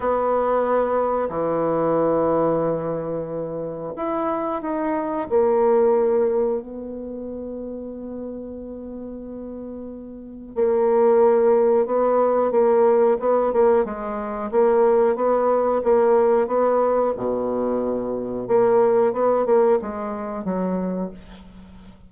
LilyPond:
\new Staff \with { instrumentName = "bassoon" } { \time 4/4 \tempo 4 = 91 b2 e2~ | e2 e'4 dis'4 | ais2 b2~ | b1 |
ais2 b4 ais4 | b8 ais8 gis4 ais4 b4 | ais4 b4 b,2 | ais4 b8 ais8 gis4 fis4 | }